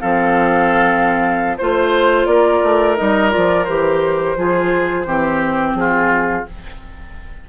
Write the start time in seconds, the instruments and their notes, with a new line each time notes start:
0.00 bassoon F3, clarinet C4, oboe A4, flute F5
1.58 bassoon A3, clarinet F4, flute C5, oboe C5
2.25 bassoon A#3, oboe A#4, flute D5
2.63 bassoon A3
2.96 bassoon G3, clarinet D#4, flute D#5
3.30 bassoon F3, clarinet F4, flute D5
3.64 bassoon E3, clarinet G4, flute C5
4.37 bassoon F3, clarinet F4, oboe G#4
5.05 bassoon E3, clarinet C4, oboe G4
5.74 bassoon F3, oboe F4, flute G#4